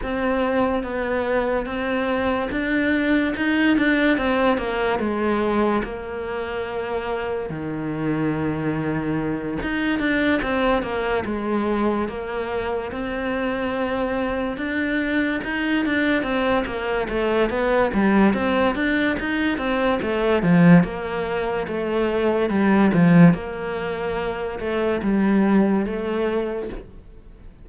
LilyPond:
\new Staff \with { instrumentName = "cello" } { \time 4/4 \tempo 4 = 72 c'4 b4 c'4 d'4 | dis'8 d'8 c'8 ais8 gis4 ais4~ | ais4 dis2~ dis8 dis'8 | d'8 c'8 ais8 gis4 ais4 c'8~ |
c'4. d'4 dis'8 d'8 c'8 | ais8 a8 b8 g8 c'8 d'8 dis'8 c'8 | a8 f8 ais4 a4 g8 f8 | ais4. a8 g4 a4 | }